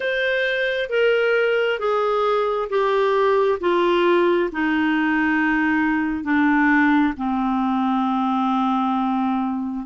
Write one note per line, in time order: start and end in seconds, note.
0.00 0.89 C5
0.89 1.79 A#4
1.79 2.68 G#4
2.69 3.59 G4
3.60 4.49 F4
4.52 6.24 D#4
6.24 7.13 D4
7.17 9.85 C4